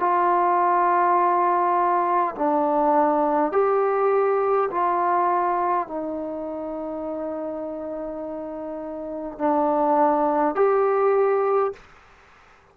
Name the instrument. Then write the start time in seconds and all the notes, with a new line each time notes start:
trombone
0.00 F4
2.35 D4
3.52 G4
4.71 F4
5.88 D#4
9.39 D4
10.56 G4